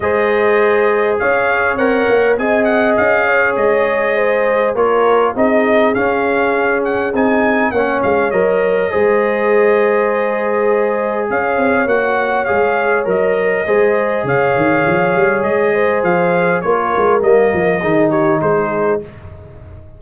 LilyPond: <<
  \new Staff \with { instrumentName = "trumpet" } { \time 4/4 \tempo 4 = 101 dis''2 f''4 fis''4 | gis''8 fis''8 f''4 dis''2 | cis''4 dis''4 f''4. fis''8 | gis''4 fis''8 f''8 dis''2~ |
dis''2. f''4 | fis''4 f''4 dis''2 | f''2 dis''4 f''4 | cis''4 dis''4. cis''8 c''4 | }
  \new Staff \with { instrumentName = "horn" } { \time 4/4 c''2 cis''2 | dis''4. cis''4. c''4 | ais'4 gis'2.~ | gis'4 cis''2 c''4~ |
c''2. cis''4~ | cis''2. c''4 | cis''2~ cis''8 c''4. | ais'2 gis'8 g'8 gis'4 | }
  \new Staff \with { instrumentName = "trombone" } { \time 4/4 gis'2. ais'4 | gis'1 | f'4 dis'4 cis'2 | dis'4 cis'4 ais'4 gis'4~ |
gis'1 | fis'4 gis'4 ais'4 gis'4~ | gis'1 | f'4 ais4 dis'2 | }
  \new Staff \with { instrumentName = "tuba" } { \time 4/4 gis2 cis'4 c'8 ais8 | c'4 cis'4 gis2 | ais4 c'4 cis'2 | c'4 ais8 gis8 fis4 gis4~ |
gis2. cis'8 c'8 | ais4 gis4 fis4 gis4 | cis8 dis8 f8 g8 gis4 f4 | ais8 gis8 g8 f8 dis4 gis4 | }
>>